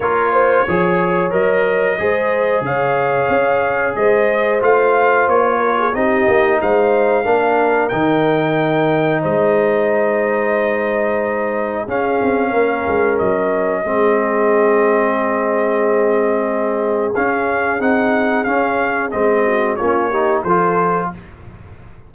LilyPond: <<
  \new Staff \with { instrumentName = "trumpet" } { \time 4/4 \tempo 4 = 91 cis''2 dis''2 | f''2 dis''4 f''4 | cis''4 dis''4 f''2 | g''2 dis''2~ |
dis''2 f''2 | dis''1~ | dis''2 f''4 fis''4 | f''4 dis''4 cis''4 c''4 | }
  \new Staff \with { instrumentName = "horn" } { \time 4/4 ais'8 c''8 cis''2 c''4 | cis''2 c''2~ | c''8 ais'16 gis'16 g'4 c''4 ais'4~ | ais'2 c''2~ |
c''2 gis'4 ais'4~ | ais'4 gis'2.~ | gis'1~ | gis'4. fis'8 f'8 g'8 a'4 | }
  \new Staff \with { instrumentName = "trombone" } { \time 4/4 f'4 gis'4 ais'4 gis'4~ | gis'2. f'4~ | f'4 dis'2 d'4 | dis'1~ |
dis'2 cis'2~ | cis'4 c'2.~ | c'2 cis'4 dis'4 | cis'4 c'4 cis'8 dis'8 f'4 | }
  \new Staff \with { instrumentName = "tuba" } { \time 4/4 ais4 f4 fis4 gis4 | cis4 cis'4 gis4 a4 | ais4 c'8 ais8 gis4 ais4 | dis2 gis2~ |
gis2 cis'8 c'8 ais8 gis8 | fis4 gis2.~ | gis2 cis'4 c'4 | cis'4 gis4 ais4 f4 | }
>>